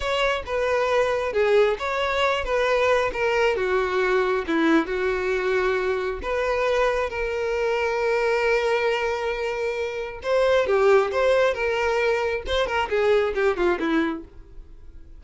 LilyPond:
\new Staff \with { instrumentName = "violin" } { \time 4/4 \tempo 4 = 135 cis''4 b'2 gis'4 | cis''4. b'4. ais'4 | fis'2 e'4 fis'4~ | fis'2 b'2 |
ais'1~ | ais'2. c''4 | g'4 c''4 ais'2 | c''8 ais'8 gis'4 g'8 f'8 e'4 | }